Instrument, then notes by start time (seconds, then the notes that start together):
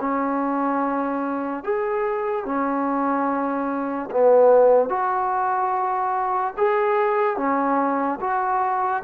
trombone
0.00 C#4
1.64 G#4
2.45 C#4
4.11 B3
4.89 F#4
6.58 G#4
7.37 C#4
8.20 F#4